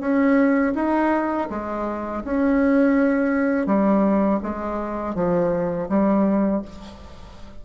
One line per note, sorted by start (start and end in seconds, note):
0.00 0.73 C#4
0.75 1.48 D#4
1.50 2.23 G#3
2.24 3.66 C#4
3.66 4.39 G3
4.43 5.15 G#3
5.15 5.88 F3
5.89 6.62 G3